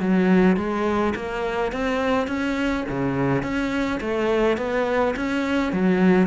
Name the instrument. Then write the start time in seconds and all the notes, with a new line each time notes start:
cello
0.00 F#3
0.56 G#3
1.15 A#3
1.72 C4
2.28 C#4
2.89 C#3
3.42 C#4
4.01 A3
4.57 B3
5.16 C#4
5.72 F#3